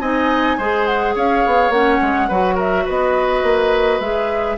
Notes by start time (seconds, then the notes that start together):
0.00 C4 D#4 D#5 G#5
0.57 G#3 G#4 C5
0.86 F#5
1.15 C#4 C#5 F5
1.46 B3
1.69 A#3 C#4 F#5
2.01 G#3
2.28 F#3 F#4 B4
2.54 A#4 E5
2.85 B3 B4 D#5
3.43 A#3
4.00 G#3 G#4 E5